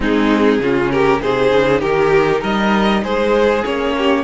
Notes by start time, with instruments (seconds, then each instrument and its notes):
0.00 cello G#3, viola C4, violin D#4 G#4
0.59 cello C#3, viola C#4, violin F4
0.91 violin G4 A#4
1.20 cello C3, viola D#4, violin G#4 C5
1.51 cello C#3
1.80 cello D#3, violin G4 A#4
2.40 cello G3, violin A#4 D#5
3.03 cello G#3, violin G#4 C5
3.64 cello A#3, viola C#4, violin C#5
3.97 violin G4